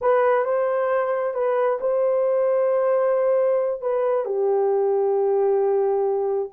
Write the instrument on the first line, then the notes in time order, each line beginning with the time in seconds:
horn
0.01 B4
0.45 C5
1.34 B4
1.80 C5
3.81 B4
4.25 G4